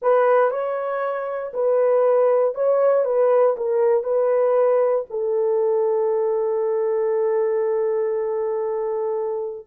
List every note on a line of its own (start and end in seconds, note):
0.02 0.50 B4
0.50 1.52 C#5
1.53 2.54 B4
2.54 3.05 C#5
3.05 3.55 B4
3.56 4.03 A#4
4.03 5.05 B4
5.10 9.66 A4